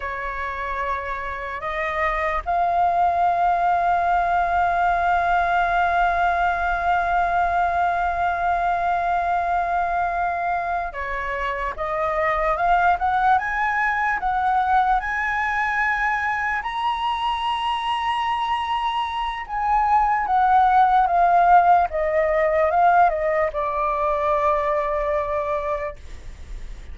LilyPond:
\new Staff \with { instrumentName = "flute" } { \time 4/4 \tempo 4 = 74 cis''2 dis''4 f''4~ | f''1~ | f''1~ | f''4. cis''4 dis''4 f''8 |
fis''8 gis''4 fis''4 gis''4.~ | gis''8 ais''2.~ ais''8 | gis''4 fis''4 f''4 dis''4 | f''8 dis''8 d''2. | }